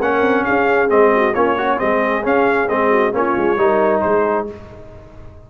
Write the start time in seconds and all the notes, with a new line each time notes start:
0.00 A#3 C#4 A#4 F#5
0.21 C4
0.44 C#4 G#4 F5
0.88 G#3 C4 D#5
1.14 F#4
1.34 A#3 C#4 F4 C#5
1.57 C#4 F#4
1.77 G#3 C4 G#4 D#5
2.23 C#4 F5
2.68 G#3 C4 D#5
2.90 F#4
3.12 A#3 C#4 F4 C#5
3.37 G#3
3.57 G3 D#4 A#4
4.00 G#3 G#4 C5